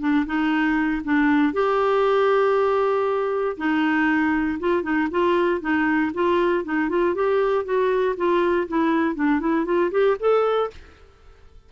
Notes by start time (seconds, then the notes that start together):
0.00 D4
0.26 D#4
1.04 D4
1.53 G4
3.57 D#4
4.59 F4
4.83 D#4
5.11 F4
5.60 D#4
6.14 F4
6.64 D#4
6.89 F4
7.15 G4
7.65 F#4
8.17 F4
8.68 E4
9.15 D4
9.40 E4
9.65 F4
9.91 G4
10.19 A4